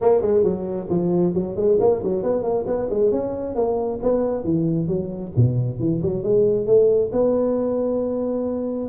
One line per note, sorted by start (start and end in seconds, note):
0.01 0.21 A#3
0.21 0.43 G#3
0.43 0.87 F#3
0.89 1.34 F3
1.34 1.56 F#3
1.56 1.78 G#3
1.79 2.02 A#3
2.03 2.23 F#3
2.23 2.42 B3
2.42 2.64 A#3
2.66 2.89 B3
2.90 3.11 G#3
3.11 3.55 C#4
3.55 3.99 A#3
4.02 4.44 B3
4.44 4.87 E3
4.87 5.32 F#3
5.36 5.79 B2
5.79 6.01 E3
6.02 6.23 F#3
6.23 6.66 G#3
6.66 7.11 A3
7.12 8.89 B3